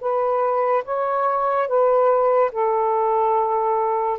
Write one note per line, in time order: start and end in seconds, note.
0.00 0.83 B4
0.84 1.67 C#5
1.67 2.50 B4
2.52 4.18 A4